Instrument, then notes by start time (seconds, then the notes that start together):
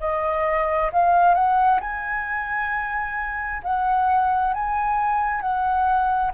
flute
0.00 D#5
0.92 F5
1.35 F#5
1.81 G#5
3.63 F#5
4.54 G#5
5.41 F#5